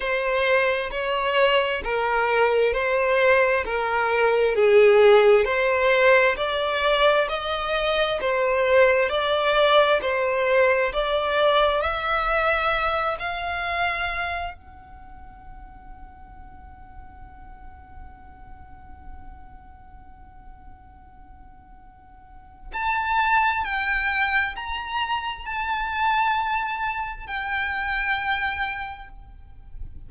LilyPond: \new Staff \with { instrumentName = "violin" } { \time 4/4 \tempo 4 = 66 c''4 cis''4 ais'4 c''4 | ais'4 gis'4 c''4 d''4 | dis''4 c''4 d''4 c''4 | d''4 e''4. f''4. |
fis''1~ | fis''1~ | fis''4 a''4 g''4 ais''4 | a''2 g''2 | }